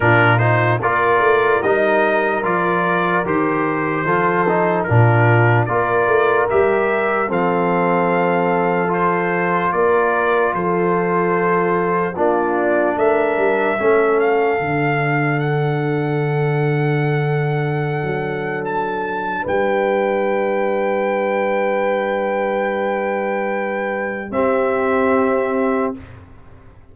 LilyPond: <<
  \new Staff \with { instrumentName = "trumpet" } { \time 4/4 \tempo 4 = 74 ais'8 c''8 d''4 dis''4 d''4 | c''2 ais'4 d''4 | e''4 f''2 c''4 | d''4 c''2 d''4 |
e''4. f''4. fis''4~ | fis''2. a''4 | g''1~ | g''2 e''2 | }
  \new Staff \with { instrumentName = "horn" } { \time 4/4 f'4 ais'2.~ | ais'4 a'4 f'4 ais'4~ | ais'4 a'2. | ais'4 a'2 f'4 |
ais'4 a'2.~ | a'1 | b'1~ | b'2 g'2 | }
  \new Staff \with { instrumentName = "trombone" } { \time 4/4 d'8 dis'8 f'4 dis'4 f'4 | g'4 f'8 dis'8 d'4 f'4 | g'4 c'2 f'4~ | f'2. d'4~ |
d'4 cis'4 d'2~ | d'1~ | d'1~ | d'2 c'2 | }
  \new Staff \with { instrumentName = "tuba" } { \time 4/4 ais,4 ais8 a8 g4 f4 | dis4 f4 ais,4 ais8 a8 | g4 f2. | ais4 f2 ais4 |
a8 g8 a4 d2~ | d2~ d16 fis4.~ fis16 | g1~ | g2 c'2 | }
>>